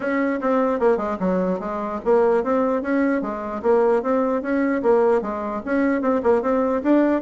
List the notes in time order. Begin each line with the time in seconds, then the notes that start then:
0.00 C#4
0.40 C4
0.79 A#3
0.97 G#3
1.19 F#3
1.59 G#3
2.04 A#3
2.43 C4
2.82 C#4
3.21 G#3
3.62 A#3
4.02 C4
4.41 C#4
4.82 A#3
5.21 G#3
5.65 C#4
6.01 C4
6.23 A#3
6.42 C4
6.82 D4